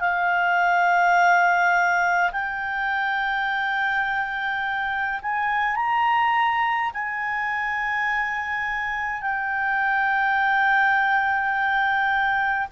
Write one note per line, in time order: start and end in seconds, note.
0.00 2.31 F5
2.32 5.21 G5
5.22 5.76 G#5
5.76 6.91 A#5
6.93 9.22 G#5
9.22 12.68 G5